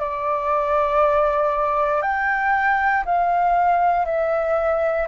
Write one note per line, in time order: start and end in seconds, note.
0.00 2.02 D5
2.02 3.04 G5
3.06 4.06 F5
4.06 5.08 E5